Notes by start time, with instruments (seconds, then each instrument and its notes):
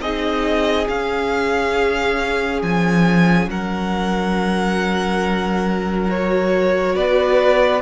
0.00 cello C4, viola D#4, violin G#4 D#5
0.87 viola C#4, cello C#4, violin F5
2.62 cello F3, violin G#5
3.47 cello F#3, violin A#4 F#5
6.07 viola F#4, violin C#5
6.95 cello B3, violin B4 D5